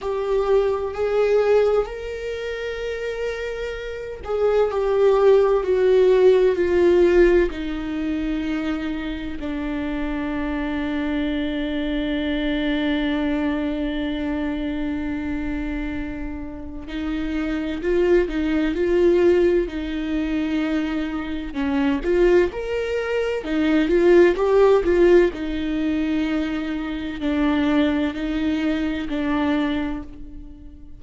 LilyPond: \new Staff \with { instrumentName = "viola" } { \time 4/4 \tempo 4 = 64 g'4 gis'4 ais'2~ | ais'8 gis'8 g'4 fis'4 f'4 | dis'2 d'2~ | d'1~ |
d'2 dis'4 f'8 dis'8 | f'4 dis'2 cis'8 f'8 | ais'4 dis'8 f'8 g'8 f'8 dis'4~ | dis'4 d'4 dis'4 d'4 | }